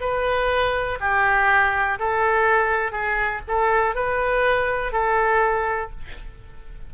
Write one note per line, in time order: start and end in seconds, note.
0.00 0.98 B4
1.00 1.98 G4
1.99 2.92 A4
2.92 3.41 G#4
3.47 3.95 A4
3.95 4.92 B4
4.92 5.90 A4